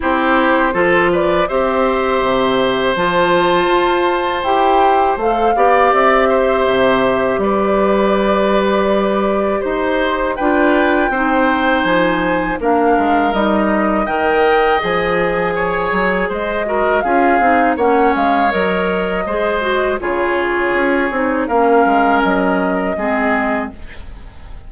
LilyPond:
<<
  \new Staff \with { instrumentName = "flute" } { \time 4/4 \tempo 4 = 81 c''4. d''8 e''2 | a''2 g''4 f''4 | e''2 d''2~ | d''4 c''4 g''2 |
gis''4 f''4 dis''4 g''4 | gis''2 dis''4 f''4 | fis''8 f''8 dis''2 cis''4~ | cis''4 f''4 dis''2 | }
  \new Staff \with { instrumentName = "oboe" } { \time 4/4 g'4 a'8 b'8 c''2~ | c''2.~ c''8 d''8~ | d''8 c''4. b'2~ | b'4 c''4 b'4 c''4~ |
c''4 ais'2 dis''4~ | dis''4 cis''4 c''8 ais'8 gis'4 | cis''2 c''4 gis'4~ | gis'4 ais'2 gis'4 | }
  \new Staff \with { instrumentName = "clarinet" } { \time 4/4 e'4 f'4 g'2 | f'2 g'4 a'8 g'8~ | g'1~ | g'2 f'4 dis'4~ |
dis'4 d'4 dis'4 ais'4 | gis'2~ gis'8 fis'8 f'8 dis'8 | cis'4 ais'4 gis'8 fis'8 f'4~ | f'8 dis'8 cis'2 c'4 | }
  \new Staff \with { instrumentName = "bassoon" } { \time 4/4 c'4 f4 c'4 c4 | f4 f'4 e'4 a8 b8 | c'4 c4 g2~ | g4 dis'4 d'4 c'4 |
f4 ais8 gis8 g4 dis4 | f4. fis8 gis4 cis'8 c'8 | ais8 gis8 fis4 gis4 cis4 | cis'8 c'8 ais8 gis8 fis4 gis4 | }
>>